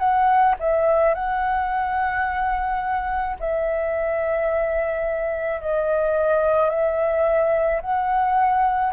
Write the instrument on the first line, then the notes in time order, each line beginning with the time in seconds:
flute
0.00 F#5
0.60 E5
1.15 F#5
3.40 E5
5.62 D#5
6.70 E5
7.82 F#5